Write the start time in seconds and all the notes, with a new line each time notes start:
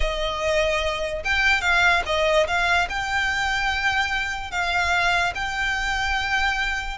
0.00 D#5
1.24 G5
1.61 F5
2.05 D#5
2.47 F5
2.89 G5
4.51 F5
5.34 G5